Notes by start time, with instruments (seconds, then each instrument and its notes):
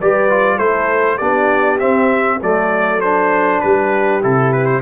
0.00 tuba G3, trombone G4, horn B4, trumpet D5
0.30 trombone F4
0.56 tuba A3, trombone E4, horn A4, trumpet C5
1.17 tuba B3, trombone D4, horn G4, trumpet D5
1.80 trombone C4, tuba C4, trumpet E5
2.41 tuba F#3, trombone A3, horn A4, trumpet D5
3.01 trombone D4, trumpet C5
3.61 tuba G3, horn G4, trumpet B4
4.22 tuba C3, trombone E4, trumpet A4
4.53 trumpet B4
4.66 trumpet C5